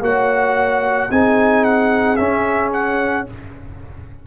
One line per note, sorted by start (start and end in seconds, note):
0.00 1.07 A#3
0.00 1.10 F#4
0.00 1.11 C#5
0.00 1.10 F#5
1.10 2.17 C4
1.10 2.17 D#4
1.10 3.25 G#4
1.10 1.64 G#5
1.64 2.16 F#5
2.16 3.25 C#4
2.16 3.26 C#4
2.16 2.70 E5
2.73 3.26 F#5